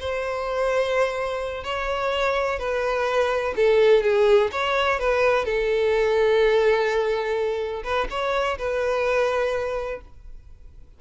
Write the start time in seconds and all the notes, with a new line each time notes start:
0.00 C5
1.64 C#5
2.59 B4
3.57 A4
4.03 G#4
4.52 C#5
5.00 B4
5.45 A4
7.84 B4
8.11 C#5
8.58 B4